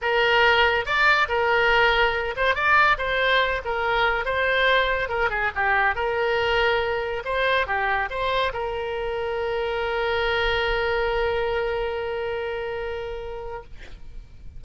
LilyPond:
\new Staff \with { instrumentName = "oboe" } { \time 4/4 \tempo 4 = 141 ais'2 d''4 ais'4~ | ais'4. c''8 d''4 c''4~ | c''8 ais'4. c''2 | ais'8 gis'8 g'4 ais'2~ |
ais'4 c''4 g'4 c''4 | ais'1~ | ais'1~ | ais'1 | }